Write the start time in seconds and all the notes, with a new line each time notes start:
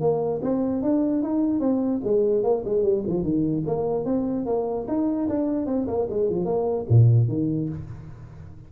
0.00 A#3
0.42 C4
0.82 D4
1.22 D#4
1.60 C4
2.03 G#3
2.43 A#3
2.65 G#3
2.83 G3
3.07 F3
3.22 D#3
3.66 A#3
4.05 C4
4.46 A#3
4.88 D#4
5.29 D4
5.66 C4
5.87 A#3
6.09 G#3
6.29 F3
6.45 A#3
6.89 A#2
7.28 D#3